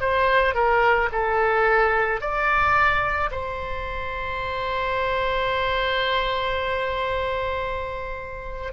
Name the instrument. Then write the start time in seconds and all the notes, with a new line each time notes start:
oboe
0.00 C5
0.54 A#4
1.12 A4
2.20 D5
3.31 C5